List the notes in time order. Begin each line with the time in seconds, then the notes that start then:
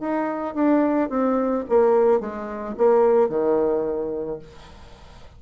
0.00 D#4
0.54 D4
1.09 C4
1.69 A#3
2.20 G#3
2.77 A#3
3.29 D#3